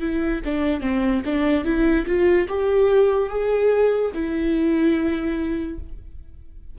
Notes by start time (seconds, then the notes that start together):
0.00 E4
0.44 D4
0.81 C4
1.25 D4
1.64 E4
2.06 F4
2.48 G4
3.29 G#4
4.14 E4